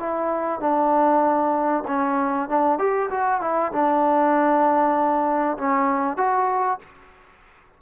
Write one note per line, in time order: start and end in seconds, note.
0.00 0.60 E4
0.60 1.84 D4
1.88 2.49 C#4
2.49 2.79 D4
2.79 3.10 G4
3.11 3.41 F#4
3.41 3.72 E4
3.73 5.58 D4
5.58 6.18 C#4
6.18 6.80 F#4